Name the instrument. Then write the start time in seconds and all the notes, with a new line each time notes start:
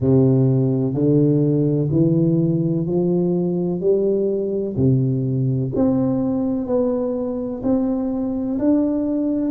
tuba
0.00 C3
0.94 D3
1.90 E3
2.86 F3
3.80 G3
4.76 C3
5.75 C4
6.66 B3
7.63 C4
8.58 D4